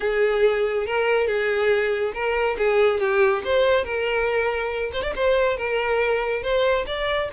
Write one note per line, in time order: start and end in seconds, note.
0.00 0.86 G#4
0.86 1.27 A#4
1.27 2.13 G#4
2.14 2.56 A#4
2.58 3.00 G#4
3.00 3.42 G4
3.44 3.84 C5
3.84 4.91 A#4
4.92 5.02 C5
5.02 5.13 D5
5.15 5.57 C5
5.57 6.42 A#4
6.42 6.85 C5
6.86 7.29 D5